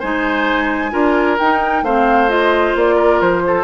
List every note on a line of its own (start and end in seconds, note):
0.00 0.93 G#3
0.00 0.91 D#4
0.00 0.92 C5
0.00 1.38 G#5
0.91 1.39 D4
0.91 1.37 F4
0.91 1.84 A#4
1.39 1.83 D#4
1.39 1.86 D#4
1.39 1.85 G5
1.83 2.74 A3
1.83 2.29 C4
1.83 2.96 C5
1.83 2.30 F5
2.29 3.64 F4
2.29 2.75 D#5
2.76 3.21 A#3
2.76 3.21 D5
2.96 3.42 A#4
3.21 3.64 F3
3.21 3.64 C5
3.47 3.64 A4